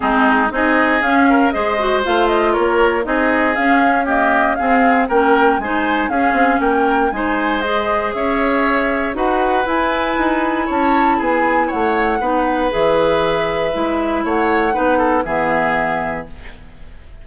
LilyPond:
<<
  \new Staff \with { instrumentName = "flute" } { \time 4/4 \tempo 4 = 118 gis'4 dis''4 f''4 dis''4 | f''8 dis''8 cis''4 dis''4 f''4 | dis''4 f''4 g''4 gis''4 | f''4 g''4 gis''4 dis''4 |
e''2 fis''4 gis''4~ | gis''4 a''4 gis''4 fis''4~ | fis''4 e''2. | fis''2 e''2 | }
  \new Staff \with { instrumentName = "oboe" } { \time 4/4 dis'4 gis'4. ais'8 c''4~ | c''4 ais'4 gis'2 | g'4 gis'4 ais'4 c''4 | gis'4 ais'4 c''2 |
cis''2 b'2~ | b'4 cis''4 gis'4 cis''4 | b'1 | cis''4 b'8 a'8 gis'2 | }
  \new Staff \with { instrumentName = "clarinet" } { \time 4/4 c'4 dis'4 cis'4 gis'8 fis'8 | f'2 dis'4 cis'4 | ais4 c'4 cis'4 dis'4 | cis'2 dis'4 gis'4~ |
gis'2 fis'4 e'4~ | e'1 | dis'4 gis'2 e'4~ | e'4 dis'4 b2 | }
  \new Staff \with { instrumentName = "bassoon" } { \time 4/4 gis4 c'4 cis'4 gis4 | a4 ais4 c'4 cis'4~ | cis'4 c'4 ais4 gis4 | cis'8 c'8 ais4 gis2 |
cis'2 dis'4 e'4 | dis'4 cis'4 b4 a4 | b4 e2 gis4 | a4 b4 e2 | }
>>